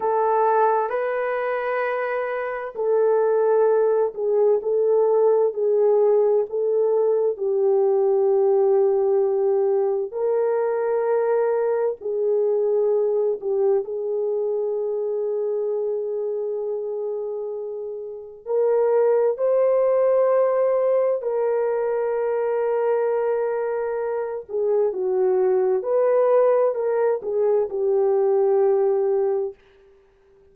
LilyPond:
\new Staff \with { instrumentName = "horn" } { \time 4/4 \tempo 4 = 65 a'4 b'2 a'4~ | a'8 gis'8 a'4 gis'4 a'4 | g'2. ais'4~ | ais'4 gis'4. g'8 gis'4~ |
gis'1 | ais'4 c''2 ais'4~ | ais'2~ ais'8 gis'8 fis'4 | b'4 ais'8 gis'8 g'2 | }